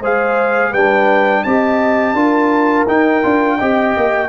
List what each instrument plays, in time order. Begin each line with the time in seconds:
0.00 tuba G#3, trombone G#4, horn C5, trumpet F5
0.70 tuba G3, trombone D4, horn B4, trumpet G5
1.43 tuba C4, trombone G4, horn D#5, trumpet A5
2.13 tuba D4, trombone F4, horn A#4
2.87 tuba D#4, trombone D#4, trumpet G5
3.22 tuba D4, trombone F4
3.57 tuba C4, trombone G4, horn D#5
3.96 tuba A#3